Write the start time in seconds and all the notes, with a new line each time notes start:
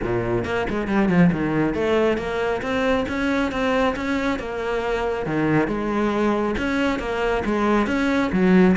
0.02 A#2
0.44 A#3
0.69 G#3
0.87 G3
1.08 F3
1.32 D#3
1.74 A3
2.17 A#3
2.61 C4
3.08 C#4
3.51 C4
3.96 C#4
4.39 A#3
5.26 D#3
5.67 G#3
6.58 C#4
6.99 A#3
7.45 G#3
7.87 C#4
8.32 F#3